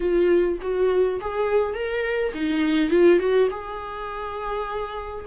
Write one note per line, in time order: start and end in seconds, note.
0.00 0.58 F4
0.61 1.19 F#4
1.20 1.74 G#4
1.74 2.32 A#4
2.34 2.90 D#4
2.90 3.19 F4
3.19 3.48 F#4
3.50 5.25 G#4